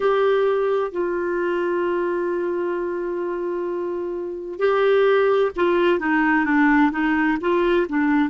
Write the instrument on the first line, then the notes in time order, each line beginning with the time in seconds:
clarinet
0.00 G4
0.91 F4
4.59 G4
5.56 F4
5.99 D#4
6.45 D4
6.91 D#4
7.41 F4
7.88 D4